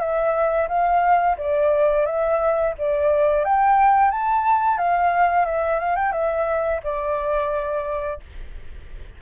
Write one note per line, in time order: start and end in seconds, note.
0.00 0.68 E5
0.68 1.37 F5
1.38 2.06 D5
2.06 2.74 E5
2.78 3.45 D5
3.45 4.11 G5
4.11 4.78 A5
4.78 5.45 F5
5.45 5.80 E5
5.80 5.96 F5
5.96 6.13 G5
6.13 6.81 E5
6.84 8.20 D5